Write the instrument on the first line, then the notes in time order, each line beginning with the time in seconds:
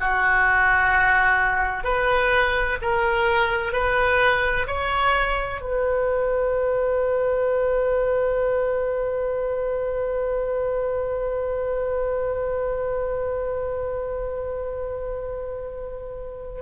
oboe
0.00 F#4
1.84 B4
2.82 A#4
3.73 B4
4.67 C#5
5.61 B4